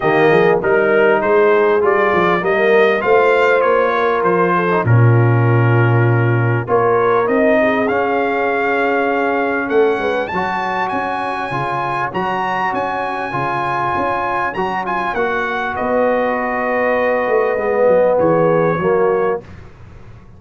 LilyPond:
<<
  \new Staff \with { instrumentName = "trumpet" } { \time 4/4 \tempo 4 = 99 dis''4 ais'4 c''4 d''4 | dis''4 f''4 cis''4 c''4 | ais'2. cis''4 | dis''4 f''2. |
fis''4 a''4 gis''2 | ais''4 gis''2. | ais''8 gis''8 fis''4 dis''2~ | dis''2 cis''2 | }
  \new Staff \with { instrumentName = "horn" } { \time 4/4 g'8 gis'8 ais'4 gis'2 | ais'4 c''4. ais'4 a'8 | f'2. ais'4~ | ais'8 gis'2.~ gis'8 |
a'8 b'8 cis''2.~ | cis''1~ | cis''2 b'2~ | b'2 gis'4 fis'4 | }
  \new Staff \with { instrumentName = "trombone" } { \time 4/4 ais4 dis'2 f'4 | ais4 f'2~ f'8. dis'16 | cis'2. f'4 | dis'4 cis'2.~ |
cis'4 fis'2 f'4 | fis'2 f'2 | fis'8 f'8 fis'2.~ | fis'4 b2 ais4 | }
  \new Staff \with { instrumentName = "tuba" } { \time 4/4 dis8 f8 g4 gis4 g8 f8 | g4 a4 ais4 f4 | ais,2. ais4 | c'4 cis'2. |
a8 gis8 fis4 cis'4 cis4 | fis4 cis'4 cis4 cis'4 | fis4 ais4 b2~ | b8 a8 gis8 fis8 e4 fis4 | }
>>